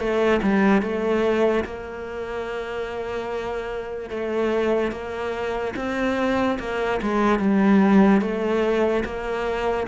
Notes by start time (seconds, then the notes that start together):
0.00 A3
0.43 G3
0.82 A3
1.65 A#3
4.10 A3
4.92 A#3
5.76 C4
6.60 A#3
7.02 G#3
7.39 G3
8.22 A3
9.05 A#3